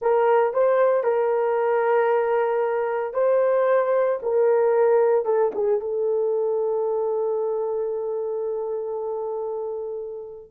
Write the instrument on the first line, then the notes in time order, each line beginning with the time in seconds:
horn
0.01 A#4
0.53 C5
1.03 A#4
3.13 C5
4.22 A#4
5.25 A4
5.55 G#4
5.80 A4